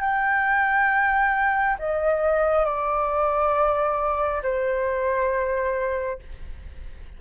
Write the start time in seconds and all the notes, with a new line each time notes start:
0.00 G5
1.78 D#5
2.65 D5
4.43 C5